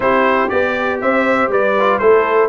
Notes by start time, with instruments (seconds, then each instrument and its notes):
0.00 tuba C4, trombone E4, horn G4, trumpet C5
0.48 tuba B3, trombone G4, trumpet D5
1.00 tuba C4, horn C5, trumpet E5
1.48 tuba G3, horn B4, trumpet D5
1.79 trombone F4
1.98 tuba A3, trombone E4, horn A4, trumpet C5